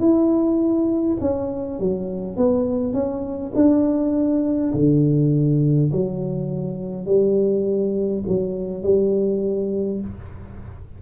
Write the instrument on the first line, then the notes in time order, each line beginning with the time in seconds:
tuba
0.00 E4
1.21 C#4
1.80 F#3
2.37 B3
2.94 C#4
3.55 D4
4.74 D3
5.92 F#3
7.06 G3
8.28 F#3
8.83 G3